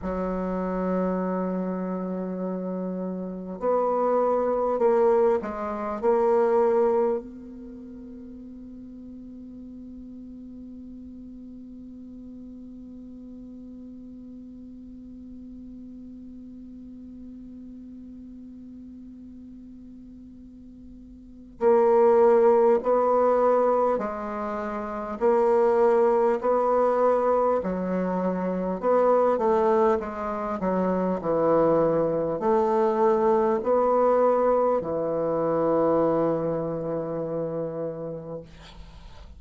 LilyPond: \new Staff \with { instrumentName = "bassoon" } { \time 4/4 \tempo 4 = 50 fis2. b4 | ais8 gis8 ais4 b2~ | b1~ | b1~ |
b2 ais4 b4 | gis4 ais4 b4 fis4 | b8 a8 gis8 fis8 e4 a4 | b4 e2. | }